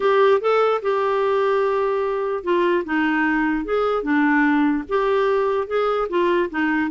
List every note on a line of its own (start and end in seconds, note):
0.00 0.40 G4
0.40 0.81 A4
0.82 2.43 G4
2.43 2.84 F4
2.84 3.64 D#4
3.64 4.02 G#4
4.02 4.83 D4
4.88 5.67 G4
5.67 6.08 G#4
6.09 6.49 F4
6.49 6.90 D#4